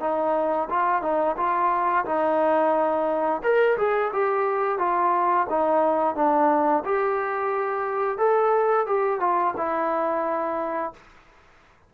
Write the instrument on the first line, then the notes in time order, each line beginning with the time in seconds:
trombone
0.00 D#4
0.69 F4
1.02 D#4
1.37 F4
2.05 D#4
3.43 A#4
3.77 G#4
4.13 G4
4.79 F4
5.49 D#4
6.15 D4
6.85 G4
8.18 A4
8.86 G4
9.20 F4
9.57 E4